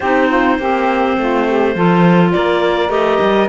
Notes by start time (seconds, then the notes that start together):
0.00 C4 D#4 G4 C5
0.28 F4
0.58 A#3 C4 G4
1.17 A3 F4
1.48 G4
1.74 F3 F4 A4
2.32 A#3 A#4 D5
2.88 A3 G4 D#5
3.21 G3